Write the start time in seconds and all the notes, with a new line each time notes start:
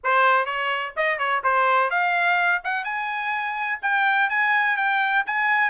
0.03 C5
0.45 C#5
0.96 D#5
1.18 C#5
1.43 C5
1.90 F5
2.64 F#5
2.84 G#5
3.82 G5
4.29 G#5
4.76 G5
5.26 G#5